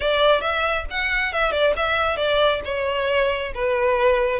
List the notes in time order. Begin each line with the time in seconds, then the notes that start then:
0.00 D5
0.41 E5
0.90 F#5
1.32 E5
1.51 D5
1.76 E5
2.16 D5
2.64 C#5
3.54 B4